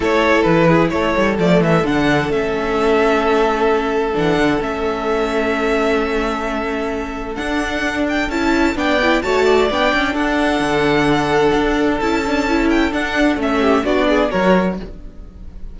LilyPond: <<
  \new Staff \with { instrumentName = "violin" } { \time 4/4 \tempo 4 = 130 cis''4 b'4 cis''4 d''8 e''8 | fis''4 e''2.~ | e''4 fis''4 e''2~ | e''1 |
fis''4. g''8 a''4 g''4 | a''4 g''4 fis''2~ | fis''2 a''4. g''8 | fis''4 e''4 d''4 cis''4 | }
  \new Staff \with { instrumentName = "violin" } { \time 4/4 a'4. gis'8 a'2~ | a'1~ | a'1~ | a'1~ |
a'2. d''4 | cis''8 d''4. a'2~ | a'1~ | a'4. g'8 fis'8 gis'8 ais'4 | }
  \new Staff \with { instrumentName = "viola" } { \time 4/4 e'2. a4 | d'4 cis'2.~ | cis'4 d'4 cis'2~ | cis'1 |
d'2 e'4 d'8 e'8 | fis'4 d'2.~ | d'2 e'8 d'8 e'4 | d'4 cis'4 d'4 fis'4 | }
  \new Staff \with { instrumentName = "cello" } { \time 4/4 a4 e4 a8 g8 f8 e8 | d4 a2.~ | a4 e8 d8 a2~ | a1 |
d'2 cis'4 b4 | a4 b8 cis'8 d'4 d4~ | d4 d'4 cis'2 | d'4 a4 b4 fis4 | }
>>